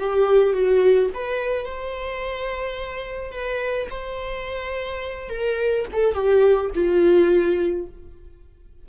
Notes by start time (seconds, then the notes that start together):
0.00 G4
0.54 F#4
1.14 B4
1.66 C5
3.32 B4
3.91 C5
5.30 A#4
5.93 A4
6.15 G4
6.75 F4